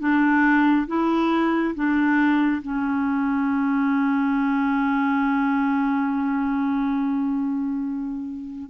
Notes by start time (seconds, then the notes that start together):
0.00 D4
0.88 E4
1.75 D4
2.62 C#4